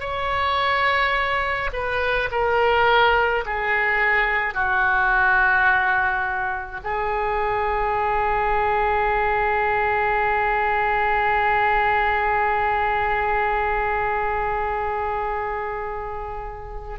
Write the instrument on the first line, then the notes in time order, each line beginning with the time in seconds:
oboe
0.00 C#5
1.73 B4
2.31 A#4
3.46 G#4
4.54 F#4
6.83 G#4